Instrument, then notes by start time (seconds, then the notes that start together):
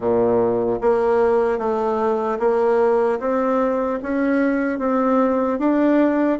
bassoon
0.00 A#2
0.81 A#3
1.58 A3
2.39 A#3
3.19 C4
4.02 C#4
4.79 C4
5.58 D4